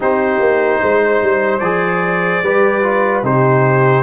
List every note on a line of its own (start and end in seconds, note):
0.00 0.39 C4
0.00 1.61 D#4
0.00 0.81 G4
0.00 1.59 C5
0.39 0.80 A#3
0.81 1.22 G#3
0.81 2.43 C5
1.22 1.60 G3
1.59 2.42 F3
1.59 2.43 G#4
1.59 3.21 D5
2.42 3.22 G3
2.42 2.83 G4
2.42 3.24 B4
2.83 3.23 F4
3.22 4.03 C3
3.22 4.03 D#4
3.22 4.03 G4
3.22 4.03 C5